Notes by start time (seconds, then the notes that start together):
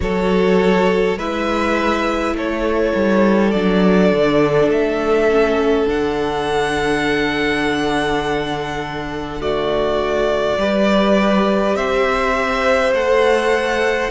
0.00 F#3 F#4 A4 C#5
1.16 G#3 E4 B4 E5
2.33 A3 A4 C#5
2.95 G3
3.51 F#3 D4 D5
4.12 D3
4.68 A3 E5
5.30 C#4
5.87 D3 D4 F#5
9.40 A3 F#4 D5
10.57 G3 G4 B4
11.75 C4 C5 E5
12.92 A3 A4 F#5